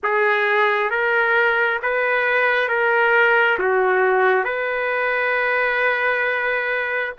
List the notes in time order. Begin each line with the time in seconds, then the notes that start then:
0.03 G#4
0.90 A#4
1.82 B4
2.68 A#4
3.58 F#4
4.44 B4